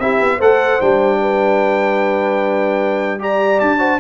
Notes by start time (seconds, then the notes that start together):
0.00 C4 E4 G4 E5
0.20 B3
0.38 A3 A4 C5 F#5
0.81 G3 D4 G5
1.21 B4
3.19 G4 D5 A#5
3.61 D4 A5
3.79 F#4 C5